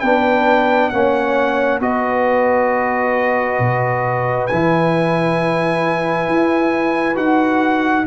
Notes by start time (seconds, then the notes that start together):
0.00 B3 D4 B4 G5
0.90 A#3 C#4 C#5 F#5
1.80 B3 F#4 B4 D#5
3.59 B2
4.47 E3 E4 G#5
6.29 E4
7.15 D#4 F#4 F#5